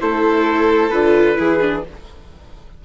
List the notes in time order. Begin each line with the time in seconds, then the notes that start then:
0.00 A3 E4 A4 C5
0.90 D3 F4 B4
1.35 E3 E4 G#4
1.61 D4